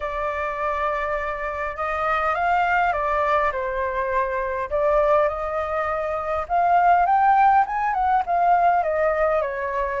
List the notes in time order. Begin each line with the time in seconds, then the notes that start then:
0.00 D5
1.76 D#5
2.34 F5
2.92 D5
3.51 C5
4.70 D5
5.28 D#5
6.48 F5
7.06 G5
7.66 G#5
7.93 F#5
8.26 F5
8.83 D#5
9.41 C#5